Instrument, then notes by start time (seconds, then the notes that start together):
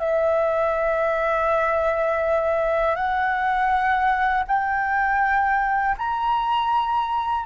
flute
0.00 E5
2.96 F#5
4.48 G5
5.98 A#5